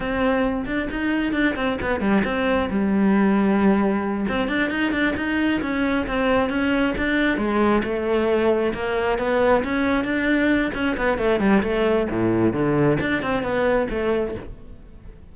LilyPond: \new Staff \with { instrumentName = "cello" } { \time 4/4 \tempo 4 = 134 c'4. d'8 dis'4 d'8 c'8 | b8 g8 c'4 g2~ | g4. c'8 d'8 dis'8 d'8 dis'8~ | dis'8 cis'4 c'4 cis'4 d'8~ |
d'8 gis4 a2 ais8~ | ais8 b4 cis'4 d'4. | cis'8 b8 a8 g8 a4 a,4 | d4 d'8 c'8 b4 a4 | }